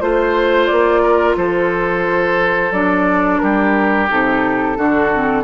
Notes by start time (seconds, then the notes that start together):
0.00 A3 F4 C5
0.66 A#3 D5
1.02 A#4
1.36 F3 A4 C5
2.71 F#3 D4 D5
3.39 G3 G4 A#4
4.09 C3 D#4 A4
4.77 D3 D4 F#4
5.15 C4